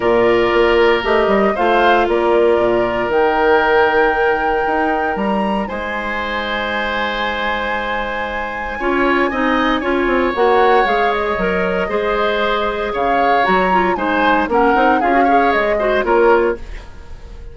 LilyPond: <<
  \new Staff \with { instrumentName = "flute" } { \time 4/4 \tempo 4 = 116 d''2 dis''4 f''4 | d''2 g''2~ | g''2 ais''4 gis''4~ | gis''1~ |
gis''1 | fis''4 f''8 dis''2~ dis''8~ | dis''4 f''4 ais''4 gis''4 | fis''4 f''4 dis''4 cis''4 | }
  \new Staff \with { instrumentName = "oboe" } { \time 4/4 ais'2. c''4 | ais'1~ | ais'2. c''4~ | c''1~ |
c''4 cis''4 dis''4 cis''4~ | cis''2. c''4~ | c''4 cis''2 c''4 | ais'4 gis'8 cis''4 c''8 ais'4 | }
  \new Staff \with { instrumentName = "clarinet" } { \time 4/4 f'2 g'4 f'4~ | f'2 dis'2~ | dis'1~ | dis'1~ |
dis'4 f'4 dis'4 f'4 | fis'4 gis'4 ais'4 gis'4~ | gis'2 fis'8 f'8 dis'4 | cis'8 dis'8 f'16 fis'16 gis'4 fis'8 f'4 | }
  \new Staff \with { instrumentName = "bassoon" } { \time 4/4 ais,4 ais4 a8 g8 a4 | ais4 ais,4 dis2~ | dis4 dis'4 g4 gis4~ | gis1~ |
gis4 cis'4 c'4 cis'8 c'8 | ais4 gis4 fis4 gis4~ | gis4 cis4 fis4 gis4 | ais8 c'8 cis'4 gis4 ais4 | }
>>